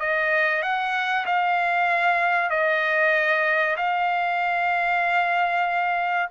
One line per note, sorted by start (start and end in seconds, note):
0.00 0.63 D#5
0.63 1.26 F#5
1.27 2.51 F5
2.51 3.77 D#5
3.78 6.30 F5